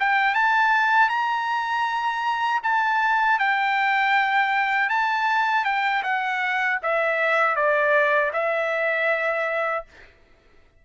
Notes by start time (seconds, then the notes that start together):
0.00 G5
0.35 A5
1.09 A#5
2.63 A5
3.39 G5
4.90 A5
5.64 G5
6.03 F#5
6.83 E5
7.56 D5
8.33 E5